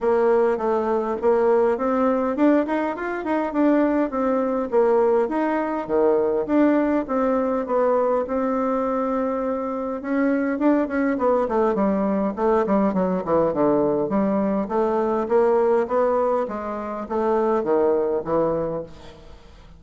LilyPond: \new Staff \with { instrumentName = "bassoon" } { \time 4/4 \tempo 4 = 102 ais4 a4 ais4 c'4 | d'8 dis'8 f'8 dis'8 d'4 c'4 | ais4 dis'4 dis4 d'4 | c'4 b4 c'2~ |
c'4 cis'4 d'8 cis'8 b8 a8 | g4 a8 g8 fis8 e8 d4 | g4 a4 ais4 b4 | gis4 a4 dis4 e4 | }